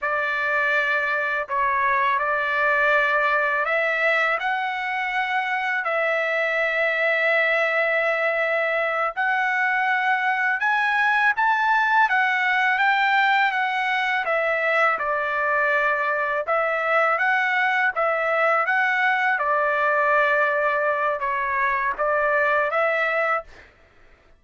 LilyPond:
\new Staff \with { instrumentName = "trumpet" } { \time 4/4 \tempo 4 = 82 d''2 cis''4 d''4~ | d''4 e''4 fis''2 | e''1~ | e''8 fis''2 gis''4 a''8~ |
a''8 fis''4 g''4 fis''4 e''8~ | e''8 d''2 e''4 fis''8~ | fis''8 e''4 fis''4 d''4.~ | d''4 cis''4 d''4 e''4 | }